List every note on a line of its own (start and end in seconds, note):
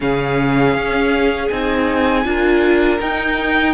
0.00 0.74 C#3
0.00 1.50 C#4
0.00 2.26 G#4
0.00 1.48 F5
0.74 1.49 C#4
1.48 2.24 C4
1.48 2.24 D#4
1.48 2.98 G#5
2.24 2.99 D4
2.24 2.99 F4
2.24 3.74 A#4
3.00 3.74 D#4
3.00 3.74 G5